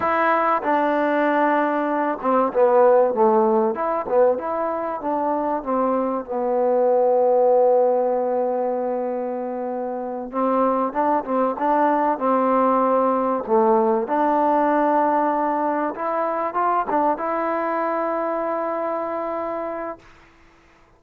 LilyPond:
\new Staff \with { instrumentName = "trombone" } { \time 4/4 \tempo 4 = 96 e'4 d'2~ d'8 c'8 | b4 a4 e'8 b8 e'4 | d'4 c'4 b2~ | b1~ |
b8 c'4 d'8 c'8 d'4 c'8~ | c'4. a4 d'4.~ | d'4. e'4 f'8 d'8 e'8~ | e'1 | }